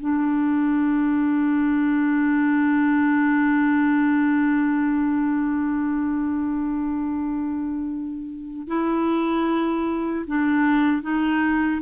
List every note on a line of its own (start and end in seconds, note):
0.00 8.68 D4
8.68 10.26 E4
10.27 11.02 D4
11.02 11.81 D#4